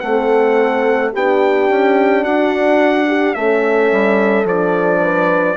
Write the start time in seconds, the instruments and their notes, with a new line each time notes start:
0.00 bassoon A3, horn C4 A4, trumpet F#5
1.13 bassoon B3, horn D4 G4, trumpet G5
1.70 bassoon C#4
2.24 bassoon D4, horn F#4, trumpet F#5
3.08 horn G4
3.35 bassoon A3, horn C#4 A4, trumpet E5
3.92 bassoon G3
4.45 bassoon F3, horn D4, trumpet D5
5.02 horn B4